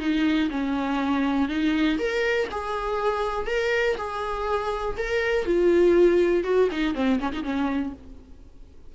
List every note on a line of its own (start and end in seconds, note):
0.00 0.50 D#4
0.50 1.49 C#4
1.49 1.98 D#4
1.99 2.48 A#4
2.51 3.47 G#4
3.47 3.96 A#4
3.97 4.97 G#4
4.98 5.45 A#4
5.45 6.44 F4
6.44 6.69 F#4
6.72 6.95 D#4
6.95 7.19 C4
7.20 7.32 C#4
7.33 7.43 D#4
7.43 7.93 C#4